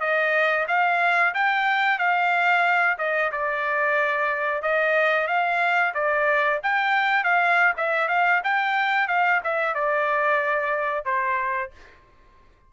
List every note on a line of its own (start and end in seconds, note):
0.00 0.66 D#5
0.67 1.33 F5
1.34 1.98 G5
1.98 2.97 F5
2.98 3.31 D#5
3.31 4.62 D5
4.62 5.27 D#5
5.27 5.93 F5
5.94 6.60 D5
6.63 7.23 G5
7.23 7.73 F5
7.77 8.08 E5
8.08 8.41 F5
8.43 9.07 G5
9.07 9.40 F5
9.43 9.74 E5
9.74 11.05 D5
11.05 11.71 C5